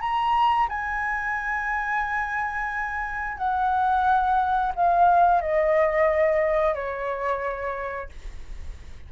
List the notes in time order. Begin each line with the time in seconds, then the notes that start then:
0.00 A#5
0.68 G#5
3.37 F#5
4.75 F5
5.41 D#5
6.74 C#5